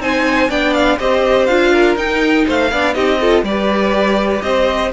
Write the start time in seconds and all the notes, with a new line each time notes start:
0.00 C4 D#4 C5 G#5
0.49 B3 D4 D5 G5
0.74 F5
0.99 C4 G4 C5 D#5
1.46 D4 F4 F5
1.73 A#4
1.96 D#4 G5
2.46 A3 C5 F5
2.72 B3 D4 D5
2.94 C4 D#4 G4 D#5
3.21 F4 A4
3.43 G3 G4 B4 D5
4.42 C4 C5 D#5